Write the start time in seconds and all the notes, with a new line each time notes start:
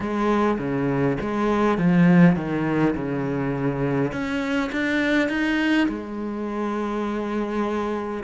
0.00 G#3
0.58 C#3
1.20 G#3
1.78 F3
2.36 D#3
2.95 C#3
4.12 C#4
4.72 D4
5.28 D#4
5.88 G#3